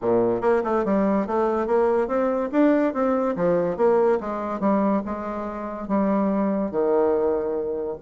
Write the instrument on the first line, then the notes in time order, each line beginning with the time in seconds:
bassoon
0.01 A#2
0.41 A#3
0.64 A3
0.84 G3
1.26 A3
1.66 A#3
2.07 C4
2.52 D4
2.93 C4
3.36 F3
3.76 A#3
4.20 G#3
4.59 G3
5.05 G#3
5.87 G3
6.71 D#3